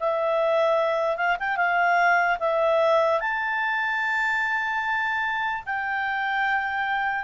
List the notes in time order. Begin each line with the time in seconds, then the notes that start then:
0.00 E5
1.16 F5
1.40 G5
1.57 F5
2.40 E5
3.20 A5
5.66 G5